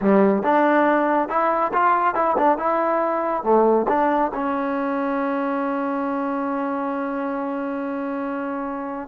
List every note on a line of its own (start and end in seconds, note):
0.01 0.42 G3
0.42 1.28 D4
1.28 1.71 E4
1.73 2.14 F4
2.14 2.36 E4
2.37 2.58 D4
2.58 3.43 E4
3.43 3.86 A3
3.88 4.31 D4
4.34 9.08 C#4